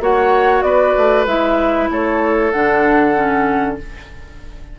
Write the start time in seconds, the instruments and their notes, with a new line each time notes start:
0.00 bassoon A#3, clarinet F#4, oboe C#5, flute F#5
0.62 bassoon B3, oboe B4, flute D5
0.98 bassoon A3
1.26 bassoon G#3, clarinet E4, flute E5
1.90 bassoon A3, oboe A4, flute C#5
2.51 bassoon D3, clarinet D4, flute F#5
3.15 clarinet C#4